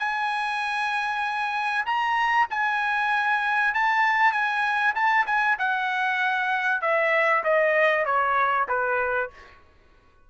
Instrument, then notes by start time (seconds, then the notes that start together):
trumpet
0.00 G#5
1.86 A#5
2.51 G#5
3.75 A5
4.33 G#5
4.95 A5
5.27 G#5
5.59 F#5
6.82 E5
7.44 D#5
8.06 C#5
8.69 B4